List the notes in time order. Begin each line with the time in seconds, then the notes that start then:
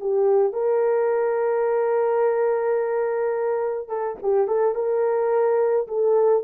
0.00 G4
0.53 A#4
3.88 A4
4.22 G4
4.47 A4
4.75 A#4
5.87 A4